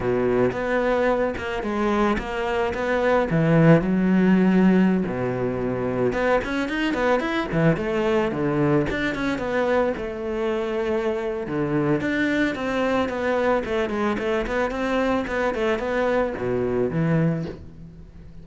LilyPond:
\new Staff \with { instrumentName = "cello" } { \time 4/4 \tempo 4 = 110 b,4 b4. ais8 gis4 | ais4 b4 e4 fis4~ | fis4~ fis16 b,2 b8 cis'16~ | cis'16 dis'8 b8 e'8 e8 a4 d8.~ |
d16 d'8 cis'8 b4 a4.~ a16~ | a4 d4 d'4 c'4 | b4 a8 gis8 a8 b8 c'4 | b8 a8 b4 b,4 e4 | }